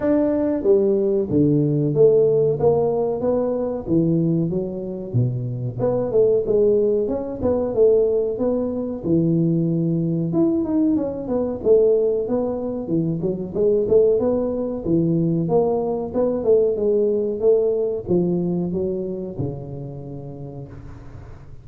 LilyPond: \new Staff \with { instrumentName = "tuba" } { \time 4/4 \tempo 4 = 93 d'4 g4 d4 a4 | ais4 b4 e4 fis4 | b,4 b8 a8 gis4 cis'8 b8 | a4 b4 e2 |
e'8 dis'8 cis'8 b8 a4 b4 | e8 fis8 gis8 a8 b4 e4 | ais4 b8 a8 gis4 a4 | f4 fis4 cis2 | }